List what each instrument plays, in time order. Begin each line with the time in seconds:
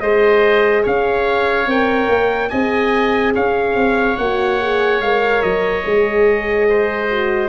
0.00 tuba G#3, horn G#4, oboe C5, trumpet D#5
0.82 tuba C#4, oboe C#5, trumpet F5
1.66 tuba C4, horn A#4, trumpet G5
2.09 tuba A#3
2.49 tuba C4, horn G#4, oboe D#5, trumpet G#5
3.34 tuba C#4, oboe C#5, trumpet F5
3.76 tuba C4
4.17 tuba A#3, horn F#4, trumpet F#5
4.60 horn G#4
5.00 tuba G#3, horn A#4, trumpet F5
5.42 tuba F#3, trumpet D#5
5.83 tuba G#3, horn G#4
6.69 oboe C5
7.10 horn F#4